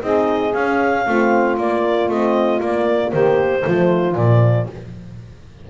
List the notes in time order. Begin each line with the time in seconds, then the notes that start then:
0.00 C4 D#4 G#4 D#5
0.53 C#4 F5
1.05 A3 C4 F4
1.57 A#3 D5
2.08 A3 C4 D#5
2.60 A#3 D5
3.11 D#3 G4 C5
3.61 A3 F4
3.67 F3
4.15 A#2 F3 D5